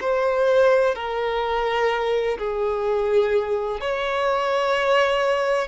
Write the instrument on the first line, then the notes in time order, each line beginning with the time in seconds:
violin
0.00 C5
0.95 A#4
2.38 G#4
3.81 C#5